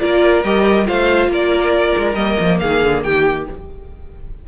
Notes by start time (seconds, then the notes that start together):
0.00 A#3 F4 A#4 D5
0.44 G3 G4 D#5
0.86 A3 F4 C5 F5
1.28 A#3 A#4 D5
1.98 G#3
2.15 G3 A#3 D#5
2.40 F3
2.60 D#3 G#4 F5
2.83 D3
3.04 D#3 G4 G5